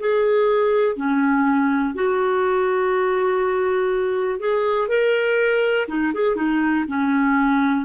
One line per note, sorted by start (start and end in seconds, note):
0.00 0.97 G#4
0.97 1.95 C#4
1.95 4.40 F#4
4.40 4.89 G#4
4.89 5.87 A#4
5.88 6.13 D#4
6.14 6.36 G#4
6.36 6.85 D#4
6.89 7.86 C#4